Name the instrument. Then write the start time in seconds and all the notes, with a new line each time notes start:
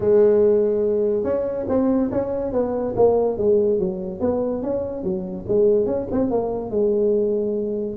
tuba
0.00 G#3
1.23 C#4
1.68 C4
2.11 C#4
2.52 B3
2.96 A#3
3.37 G#3
3.79 F#3
4.20 B3
4.62 C#4
5.03 F#3
5.48 G#3
5.86 C#4
6.11 C4
6.30 A#3
6.70 G#3